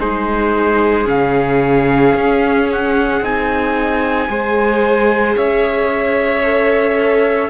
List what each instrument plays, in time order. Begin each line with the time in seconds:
0.00 cello G#3, viola D#4, violin G#4, trumpet C5
1.05 cello C#3, viola C#4, trumpet F5
2.16 cello C#4
2.72 trumpet F#5
3.22 cello C4, viola D#4, trumpet G#5
4.29 cello G#3, viola G#4, violin C5
5.37 cello C#4, violin C#5, trumpet E5
6.44 viola A4